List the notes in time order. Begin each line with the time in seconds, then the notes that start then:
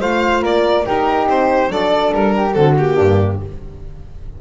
0.00 A3 F4 C5 F5
0.42 A#3 A#4 D5
0.86 D#4 G4 A#4
1.28 C4 C5
1.68 F#3 D4 A4 D5
2.13 G3 A#4
2.36 G4
2.53 D3 C4 F#4 A4
2.77 A#3 G4
2.96 G2 D4